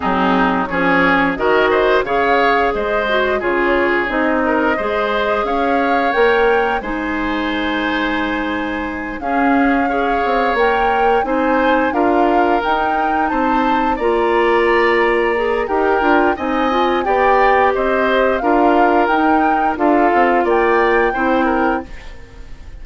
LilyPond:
<<
  \new Staff \with { instrumentName = "flute" } { \time 4/4 \tempo 4 = 88 gis'4 cis''4 dis''4 f''4 | dis''4 cis''4 dis''2 | f''4 g''4 gis''2~ | gis''4. f''2 g''8~ |
g''8 gis''4 f''4 g''4 a''8~ | a''8 ais''2~ ais''8 g''4 | gis''4 g''4 dis''4 f''4 | g''4 f''4 g''2 | }
  \new Staff \with { instrumentName = "oboe" } { \time 4/4 dis'4 gis'4 ais'8 c''8 cis''4 | c''4 gis'4. ais'8 c''4 | cis''2 c''2~ | c''4. gis'4 cis''4.~ |
cis''8 c''4 ais'2 c''8~ | c''8 d''2~ d''8 ais'4 | dis''4 d''4 c''4 ais'4~ | ais'4 a'4 d''4 c''8 ais'8 | }
  \new Staff \with { instrumentName = "clarinet" } { \time 4/4 c'4 cis'4 fis'4 gis'4~ | gis'8 fis'8 f'4 dis'4 gis'4~ | gis'4 ais'4 dis'2~ | dis'4. cis'4 gis'4 ais'8~ |
ais'8 dis'4 f'4 dis'4.~ | dis'8 f'2 gis'8 g'8 f'8 | dis'8 f'8 g'2 f'4 | dis'4 f'2 e'4 | }
  \new Staff \with { instrumentName = "bassoon" } { \time 4/4 fis4 f4 dis4 cis4 | gis4 cis4 c'4 gis4 | cis'4 ais4 gis2~ | gis4. cis'4. c'8 ais8~ |
ais8 c'4 d'4 dis'4 c'8~ | c'8 ais2~ ais8 dis'8 d'8 | c'4 b4 c'4 d'4 | dis'4 d'8 c'8 ais4 c'4 | }
>>